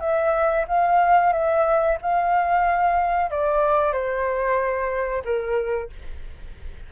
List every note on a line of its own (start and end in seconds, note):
0.00 0.65 E5
0.68 1.33 F5
1.33 1.98 E5
2.02 3.31 F5
3.31 3.92 D5
3.92 5.23 C5
5.24 5.90 A#4